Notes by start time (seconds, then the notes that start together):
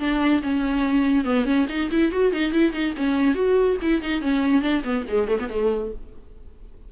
0.00 D4
0.43 C#4
1.25 B3
1.45 C#4
1.69 D#4
1.91 E4
2.12 F#4
2.33 D#4
2.53 E4
2.73 D#4
2.98 C#4
3.35 F#4
3.82 E4
4.02 D#4
4.22 C#4
4.62 D4
4.85 B3
5.09 G#3
5.28 A3
5.40 B3
5.50 A3